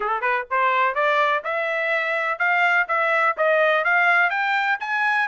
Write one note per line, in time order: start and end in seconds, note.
0.00 0.21 A4
0.21 0.45 B4
0.50 0.94 C5
0.94 1.42 D5
1.44 2.38 E5
2.38 2.86 F5
2.88 3.36 E5
3.37 3.84 D#5
3.84 4.30 F5
4.30 4.78 G5
4.80 5.28 G#5